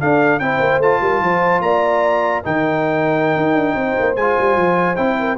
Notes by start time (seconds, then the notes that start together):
0.00 D4 A4 F5
0.39 C4 E4 C5 G5
0.60 A#3
0.78 A3 F4 A5
1.01 G3 A#4
1.21 F3 C5
1.61 A#3 D5 A#5
2.44 D#3 D#4 A#4 G5
3.36 D#4
3.54 D4
3.75 C4 C5
4.00 A#3
4.16 G#3 F4 G#5
4.39 G3
4.56 F3
4.96 C4 E4 G5
5.19 A#4